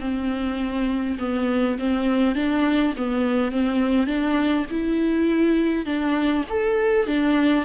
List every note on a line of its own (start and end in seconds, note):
0.00 1.18 C4
1.19 1.78 B3
1.79 2.35 C4
2.35 2.94 D4
2.97 3.52 B3
3.52 4.07 C4
4.07 4.66 D4
4.71 5.86 E4
5.86 6.44 D4
6.50 7.07 A4
7.07 7.65 D4